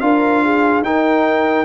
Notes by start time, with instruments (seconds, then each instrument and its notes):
0.00 tuba D4, trombone F4, horn A#4, trumpet F5
0.44 horn G#4
0.82 tuba D#4, trombone D#4, horn A#4, trumpet G5